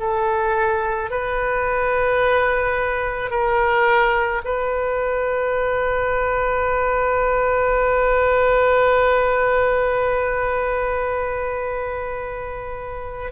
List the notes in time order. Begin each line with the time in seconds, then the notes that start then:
0.00 A4
1.11 B4
3.30 A#4
4.44 B4